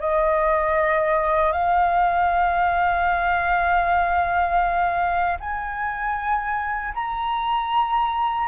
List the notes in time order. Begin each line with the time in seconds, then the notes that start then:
0.00 D#5
1.52 F5
5.40 G#5
6.94 A#5